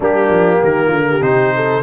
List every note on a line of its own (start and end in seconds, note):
0.00 0.29 G3
0.00 1.21 A#3
0.00 0.60 D4
0.00 0.64 G4
0.29 0.60 F3
0.60 0.90 D#3
0.60 0.87 G4
0.60 1.22 A#4
0.87 1.21 D3
0.87 1.02 F4
1.09 1.55 G4
1.21 1.82 C3
1.21 1.82 D#4
1.21 1.82 C5
1.55 1.82 A4